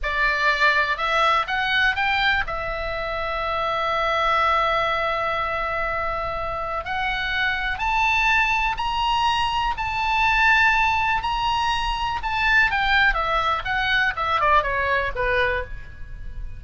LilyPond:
\new Staff \with { instrumentName = "oboe" } { \time 4/4 \tempo 4 = 123 d''2 e''4 fis''4 | g''4 e''2.~ | e''1~ | e''2 fis''2 |
a''2 ais''2 | a''2. ais''4~ | ais''4 a''4 g''4 e''4 | fis''4 e''8 d''8 cis''4 b'4 | }